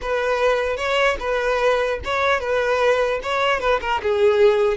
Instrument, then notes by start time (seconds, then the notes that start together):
violin
0.01 B4
0.77 C#5
1.19 B4
2.04 C#5
2.40 B4
3.23 C#5
3.60 B4
3.81 A#4
4.02 G#4